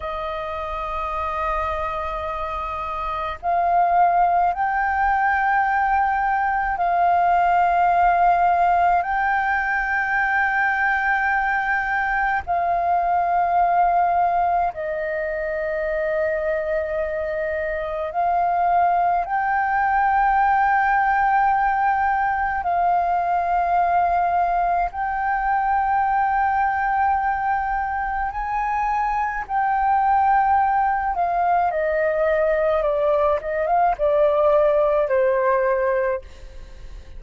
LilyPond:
\new Staff \with { instrumentName = "flute" } { \time 4/4 \tempo 4 = 53 dis''2. f''4 | g''2 f''2 | g''2. f''4~ | f''4 dis''2. |
f''4 g''2. | f''2 g''2~ | g''4 gis''4 g''4. f''8 | dis''4 d''8 dis''16 f''16 d''4 c''4 | }